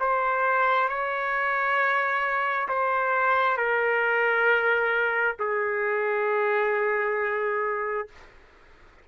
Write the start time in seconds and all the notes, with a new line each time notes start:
0.00 C5
0.89 C#5
2.68 C5
3.57 A#4
5.39 G#4